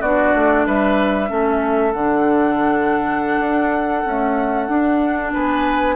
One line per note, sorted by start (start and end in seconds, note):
0.00 0.33 B3
0.00 1.28 D4
0.00 0.65 F#4
0.00 0.66 D5
0.34 0.66 A3
0.66 1.30 G3
0.66 1.29 B4
0.66 1.92 E5
1.28 1.93 A3
1.28 1.92 C#4
1.28 5.33 A4
1.92 3.38 D3
1.92 5.31 F#5
1.99 4.06 D4
3.39 4.03 D4
4.05 4.68 A3
4.05 4.68 C#4
4.68 5.33 D4
4.68 5.95 D4
5.33 5.95 B3
5.33 5.95 B4
5.33 5.95 G#5